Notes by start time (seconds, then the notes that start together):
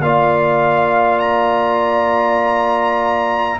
0.00 A#3 F4 D5 F5
1.19 A#5